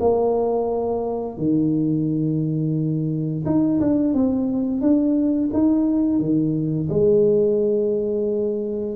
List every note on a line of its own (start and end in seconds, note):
0.00 1.37 A#3
1.37 3.44 D#3
3.45 3.80 D#4
3.80 4.14 D4
4.14 4.81 C4
4.81 5.50 D4
5.53 6.19 D#4
6.19 6.88 D#3
6.89 8.96 G#3